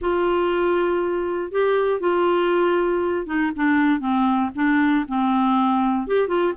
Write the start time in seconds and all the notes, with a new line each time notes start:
0.01 F4
1.51 G4
2.00 F4
3.26 D#4
3.55 D4
4.00 C4
4.55 D4
5.08 C4
6.07 G4
6.28 F4